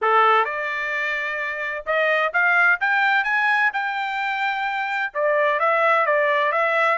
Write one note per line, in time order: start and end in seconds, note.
0.01 0.44 A4
0.44 1.84 D5
1.86 2.32 D#5
2.33 2.79 F5
2.80 3.24 G5
3.24 3.70 G#5
3.73 5.12 G5
5.14 5.59 D5
5.59 6.05 E5
6.05 6.52 D5
6.52 6.97 E5